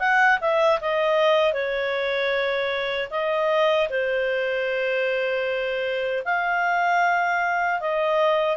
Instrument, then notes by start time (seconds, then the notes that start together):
clarinet
0.00 F#5
0.41 E5
0.81 D#5
1.53 C#5
3.11 D#5
3.90 C5
6.25 F5
7.80 D#5